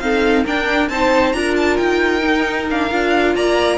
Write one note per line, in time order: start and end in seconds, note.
0.00 0.45 C4
0.00 0.46 D#4
0.00 0.45 A4
0.00 0.44 F5
0.45 0.91 D4
0.45 0.90 D4
0.45 0.90 A#4
0.45 0.89 G5
0.89 1.34 C4
0.89 1.34 D#4
0.89 1.37 C5
0.89 1.33 A5
1.33 1.79 D4
1.33 2.21 F4
1.33 3.36 A#4
1.33 1.55 A#5
1.57 1.77 A5
1.77 2.91 D#4
1.77 2.66 G5
2.21 2.66 D#4
2.71 2.91 D4
2.71 3.36 F5
2.91 3.36 D4
2.91 3.79 F4
3.36 3.79 A#3
3.36 3.79 D5
3.36 3.79 A#5